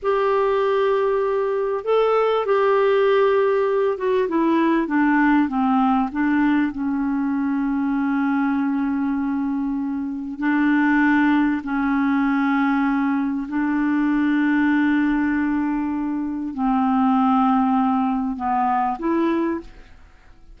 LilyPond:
\new Staff \with { instrumentName = "clarinet" } { \time 4/4 \tempo 4 = 98 g'2. a'4 | g'2~ g'8 fis'8 e'4 | d'4 c'4 d'4 cis'4~ | cis'1~ |
cis'4 d'2 cis'4~ | cis'2 d'2~ | d'2. c'4~ | c'2 b4 e'4 | }